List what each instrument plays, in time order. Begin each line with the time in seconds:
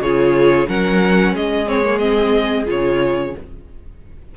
0.00 cello C#3, viola F4, violin G#4 C#5
0.67 cello F#3, viola C#4, violin A#4 F#5
1.34 cello G#3, violin G#4 D#5
1.66 viola C4, violin C#5
1.84 viola A#3
1.99 viola C4, violin D#5
2.66 cello C#3, viola F4, violin C#5